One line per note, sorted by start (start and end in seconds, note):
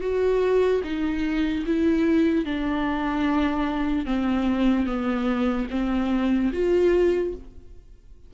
0.00 0.81 F#4
0.83 1.64 D#4
1.66 2.45 E4
2.45 4.05 D4
4.05 4.86 C4
4.86 5.67 B3
5.70 6.51 C4
6.52 7.33 F4